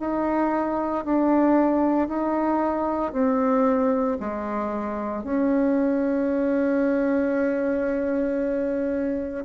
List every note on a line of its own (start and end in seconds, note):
0.00 1.05 D#4
1.05 2.09 D4
2.09 3.12 D#4
3.12 4.18 C4
4.20 5.24 G#3
5.24 9.45 C#4